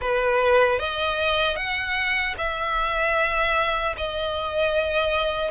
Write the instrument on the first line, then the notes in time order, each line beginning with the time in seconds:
violin
0.01 B4
0.79 D#5
1.55 F#5
2.37 E5
3.97 D#5